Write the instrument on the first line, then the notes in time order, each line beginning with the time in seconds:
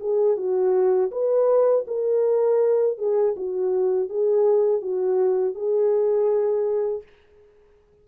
horn
0.00 G#4
0.37 F#4
1.11 B4
1.87 A#4
2.98 G#4
3.36 F#4
4.09 G#4
4.82 F#4
5.55 G#4